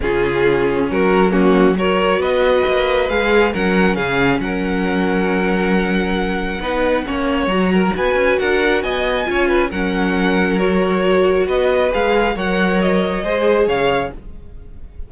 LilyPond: <<
  \new Staff \with { instrumentName = "violin" } { \time 4/4 \tempo 4 = 136 gis'2 ais'4 fis'4 | cis''4 dis''2 f''4 | fis''4 f''4 fis''2~ | fis''1~ |
fis''4 ais''4 gis''4 fis''4 | gis''2 fis''2 | cis''2 dis''4 f''4 | fis''4 dis''2 f''4 | }
  \new Staff \with { instrumentName = "violin" } { \time 4/4 f'2 fis'4 cis'4 | ais'4 b'2. | ais'4 gis'4 ais'2~ | ais'2. b'4 |
cis''4. ais'8 b'4 ais'4 | dis''4 cis''8 b'8 ais'2~ | ais'2 b'2 | cis''2 c''4 cis''4 | }
  \new Staff \with { instrumentName = "viola" } { \time 4/4 cis'2. ais4 | fis'2. gis'4 | cis'1~ | cis'2. dis'4 |
cis'4 fis'2.~ | fis'4 f'4 cis'2 | fis'2. gis'4 | ais'2 gis'2 | }
  \new Staff \with { instrumentName = "cello" } { \time 4/4 cis2 fis2~ | fis4 b4 ais4 gis4 | fis4 cis4 fis2~ | fis2. b4 |
ais4 fis4 b8 cis'8 d'4 | b4 cis'4 fis2~ | fis2 b4 gis4 | fis2 gis4 cis4 | }
>>